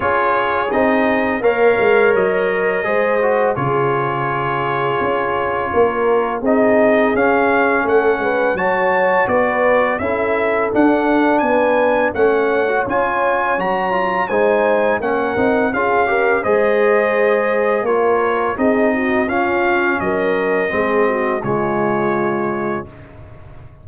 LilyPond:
<<
  \new Staff \with { instrumentName = "trumpet" } { \time 4/4 \tempo 4 = 84 cis''4 dis''4 f''4 dis''4~ | dis''4 cis''2.~ | cis''4 dis''4 f''4 fis''4 | a''4 d''4 e''4 fis''4 |
gis''4 fis''4 gis''4 ais''4 | gis''4 fis''4 f''4 dis''4~ | dis''4 cis''4 dis''4 f''4 | dis''2 cis''2 | }
  \new Staff \with { instrumentName = "horn" } { \time 4/4 gis'2 cis''2 | c''4 gis'2. | ais'4 gis'2 a'8 b'8 | cis''4 b'4 a'2 |
b'4 cis''2. | c''4 ais'4 gis'8 ais'8 c''4~ | c''4 ais'4 gis'8 fis'8 f'4 | ais'4 gis'8 fis'8 f'2 | }
  \new Staff \with { instrumentName = "trombone" } { \time 4/4 f'4 dis'4 ais'2 | gis'8 fis'8 f'2.~ | f'4 dis'4 cis'2 | fis'2 e'4 d'4~ |
d'4 cis'8. fis'16 f'4 fis'8 f'8 | dis'4 cis'8 dis'8 f'8 g'8 gis'4~ | gis'4 f'4 dis'4 cis'4~ | cis'4 c'4 gis2 | }
  \new Staff \with { instrumentName = "tuba" } { \time 4/4 cis'4 c'4 ais8 gis8 fis4 | gis4 cis2 cis'4 | ais4 c'4 cis'4 a8 gis8 | fis4 b4 cis'4 d'4 |
b4 a4 cis'4 fis4 | gis4 ais8 c'8 cis'4 gis4~ | gis4 ais4 c'4 cis'4 | fis4 gis4 cis2 | }
>>